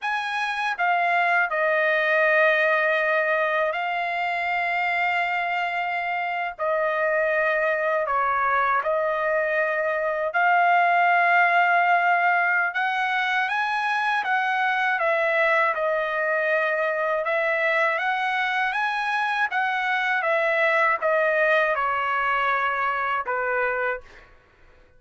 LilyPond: \new Staff \with { instrumentName = "trumpet" } { \time 4/4 \tempo 4 = 80 gis''4 f''4 dis''2~ | dis''4 f''2.~ | f''8. dis''2 cis''4 dis''16~ | dis''4.~ dis''16 f''2~ f''16~ |
f''4 fis''4 gis''4 fis''4 | e''4 dis''2 e''4 | fis''4 gis''4 fis''4 e''4 | dis''4 cis''2 b'4 | }